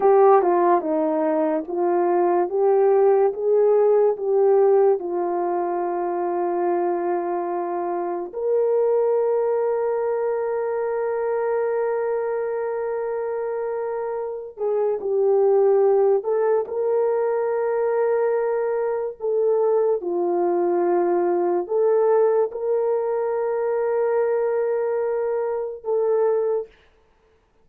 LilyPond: \new Staff \with { instrumentName = "horn" } { \time 4/4 \tempo 4 = 72 g'8 f'8 dis'4 f'4 g'4 | gis'4 g'4 f'2~ | f'2 ais'2~ | ais'1~ |
ais'4. gis'8 g'4. a'8 | ais'2. a'4 | f'2 a'4 ais'4~ | ais'2. a'4 | }